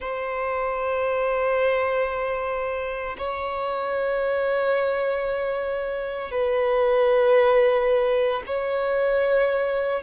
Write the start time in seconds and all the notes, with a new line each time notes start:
0.00 C5
3.18 C#5
6.31 B4
8.46 C#5